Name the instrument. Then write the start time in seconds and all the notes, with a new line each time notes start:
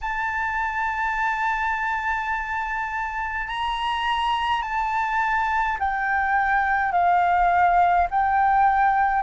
flute
0.01 A5
3.47 A#5
4.62 A5
5.79 G5
6.92 F5
8.10 G5